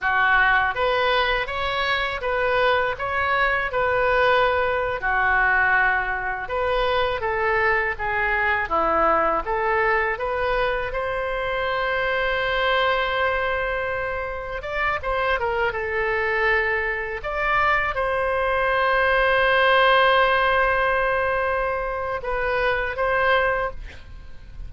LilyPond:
\new Staff \with { instrumentName = "oboe" } { \time 4/4 \tempo 4 = 81 fis'4 b'4 cis''4 b'4 | cis''4 b'4.~ b'16 fis'4~ fis'16~ | fis'8. b'4 a'4 gis'4 e'16~ | e'8. a'4 b'4 c''4~ c''16~ |
c''2.~ c''8. d''16~ | d''16 c''8 ais'8 a'2 d''8.~ | d''16 c''2.~ c''8.~ | c''2 b'4 c''4 | }